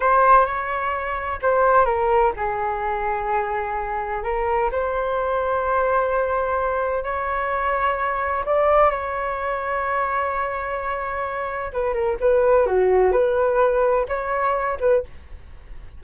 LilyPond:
\new Staff \with { instrumentName = "flute" } { \time 4/4 \tempo 4 = 128 c''4 cis''2 c''4 | ais'4 gis'2.~ | gis'4 ais'4 c''2~ | c''2. cis''4~ |
cis''2 d''4 cis''4~ | cis''1~ | cis''4 b'8 ais'8 b'4 fis'4 | b'2 cis''4. b'8 | }